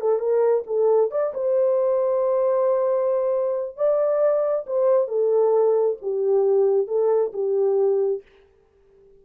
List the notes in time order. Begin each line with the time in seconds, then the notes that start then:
0.00 A4
0.19 A#4
0.66 A4
1.11 D5
1.33 C5
3.76 D5
4.66 C5
5.07 A4
6.01 G4
6.87 A4
7.33 G4